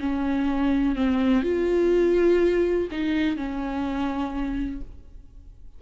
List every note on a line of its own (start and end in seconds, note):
0.00 0.95 C#4
0.95 1.43 C4
1.43 2.88 F4
2.91 3.36 D#4
3.36 4.81 C#4